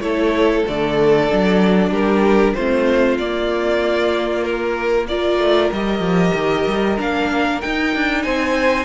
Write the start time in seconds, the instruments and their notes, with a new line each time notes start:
0.00 cello A3, viola E4, violin A4 C#5
0.66 cello D3, viola A3, violin D5
1.30 cello F#3, viola D4
1.90 cello G3, violin G4 A#4
2.54 cello A3, viola C4, violin F4 C5
3.17 cello A#3, viola A#3, violin D5
4.43 violin A#4
5.07 viola F4, violin A#4 D5
5.38 cello A3
5.72 cello G3, viola G4, violin D#5
6.00 cello F3
6.34 cello D#3
6.67 cello G3
6.97 cello A#3, viola D4, violin F5
7.61 viola D#4, cello D#4, violin G5
7.95 cello D4
8.22 cello C4, violin C5 G#5